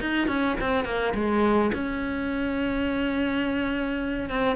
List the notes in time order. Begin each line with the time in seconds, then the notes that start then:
0.00 D#4
0.27 C#4
0.60 C4
0.84 A#3
1.14 G#3
1.73 C#4
4.29 C4